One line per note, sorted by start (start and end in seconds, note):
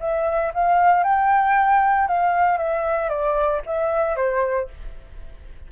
0.00 0.52 E5
0.54 1.04 F5
1.04 2.08 G5
2.08 2.58 F5
2.58 3.09 E5
3.09 3.61 D5
3.66 4.16 E5
4.16 4.68 C5